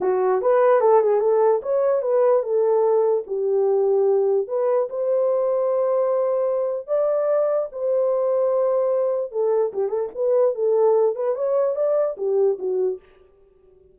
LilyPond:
\new Staff \with { instrumentName = "horn" } { \time 4/4 \tempo 4 = 148 fis'4 b'4 a'8 gis'8 a'4 | cis''4 b'4 a'2 | g'2. b'4 | c''1~ |
c''4 d''2 c''4~ | c''2. a'4 | g'8 a'8 b'4 a'4. b'8 | cis''4 d''4 g'4 fis'4 | }